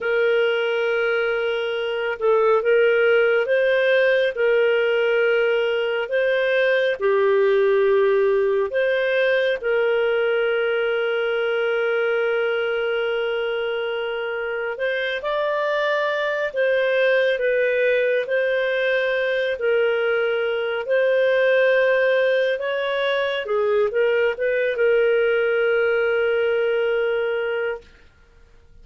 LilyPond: \new Staff \with { instrumentName = "clarinet" } { \time 4/4 \tempo 4 = 69 ais'2~ ais'8 a'8 ais'4 | c''4 ais'2 c''4 | g'2 c''4 ais'4~ | ais'1~ |
ais'4 c''8 d''4. c''4 | b'4 c''4. ais'4. | c''2 cis''4 gis'8 ais'8 | b'8 ais'2.~ ais'8 | }